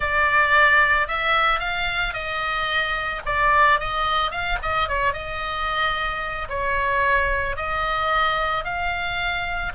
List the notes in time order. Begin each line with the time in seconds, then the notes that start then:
0.00 D5
1.07 E5
1.59 F5
2.13 D#5
3.25 D5
3.79 D#5
4.31 F5
4.62 D#5
4.88 C#5
5.13 D#5
6.49 C#5
7.56 D#5
8.64 F5